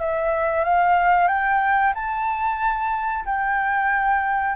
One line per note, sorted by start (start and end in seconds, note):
0.00 0.64 E5
0.64 1.28 F5
1.28 1.93 G5
1.94 3.25 A5
3.25 4.56 G5